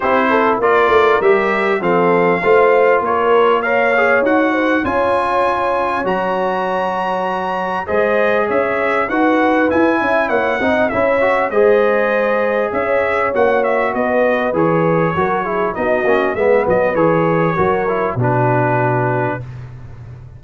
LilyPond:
<<
  \new Staff \with { instrumentName = "trumpet" } { \time 4/4 \tempo 4 = 99 c''4 d''4 e''4 f''4~ | f''4 cis''4 f''4 fis''4 | gis''2 ais''2~ | ais''4 dis''4 e''4 fis''4 |
gis''4 fis''4 e''4 dis''4~ | dis''4 e''4 fis''8 e''8 dis''4 | cis''2 dis''4 e''8 dis''8 | cis''2 b'2 | }
  \new Staff \with { instrumentName = "horn" } { \time 4/4 g'8 a'8 ais'2 a'4 | c''4 ais'4 cis''4. c''8 | cis''1~ | cis''4 c''4 cis''4 b'4~ |
b'8 e''8 cis''8 dis''8 cis''4 c''4~ | c''4 cis''2 b'4~ | b'4 ais'8 gis'8 fis'4 b'4~ | b'4 ais'4 fis'2 | }
  \new Staff \with { instrumentName = "trombone" } { \time 4/4 e'4 f'4 g'4 c'4 | f'2 ais'8 gis'8 fis'4 | f'2 fis'2~ | fis'4 gis'2 fis'4 |
e'4. dis'8 e'8 fis'8 gis'4~ | gis'2 fis'2 | gis'4 fis'8 e'8 dis'8 cis'8 b4 | gis'4 fis'8 e'8 d'2 | }
  \new Staff \with { instrumentName = "tuba" } { \time 4/4 c'4 ais8 a8 g4 f4 | a4 ais2 dis'4 | cis'2 fis2~ | fis4 gis4 cis'4 dis'4 |
e'8 cis'8 ais8 c'8 cis'4 gis4~ | gis4 cis'4 ais4 b4 | e4 fis4 b8 ais8 gis8 fis8 | e4 fis4 b,2 | }
>>